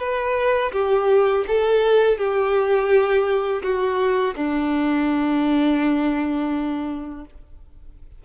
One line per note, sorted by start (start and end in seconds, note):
0.00 0.72 B4
0.73 1.45 G4
1.48 2.18 A4
2.18 3.63 G4
3.63 4.35 F#4
4.36 7.25 D4